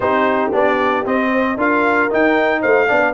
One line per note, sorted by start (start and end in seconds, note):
0.00 0.51 C4
0.00 0.52 D#4
0.00 1.29 G4
0.00 0.52 C5
0.52 1.04 B3
0.52 1.04 D4
0.52 1.06 D5
1.05 1.57 C4
1.05 1.56 C4
1.05 1.59 D#5
1.30 1.57 C5
1.56 2.08 D4
1.56 2.10 F4
1.56 2.61 A#4
1.56 2.12 F5
2.10 2.87 D#4
2.10 2.64 D#4
2.10 2.62 G5
2.61 2.90 A3
2.61 2.87 C5
2.61 3.13 F5
2.87 3.13 B3
2.87 3.13 D4
2.87 3.13 D5